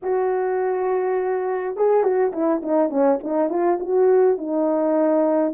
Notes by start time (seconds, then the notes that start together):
0.02 F#4
1.76 G#4
2.03 F#4
2.32 E4
2.62 D#4
2.89 C#4
3.23 D#4
3.49 F4
3.80 F#4
4.37 D#4